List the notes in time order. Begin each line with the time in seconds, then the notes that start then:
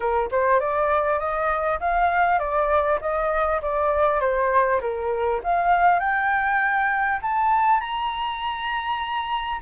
0.00 A#4
0.31 C5
0.60 D5
1.19 D#5
1.80 F5
2.39 D5
3.01 D#5
3.62 D5
4.20 C5
4.80 A#4
5.43 F5
5.99 G5
7.22 A5
7.80 A#5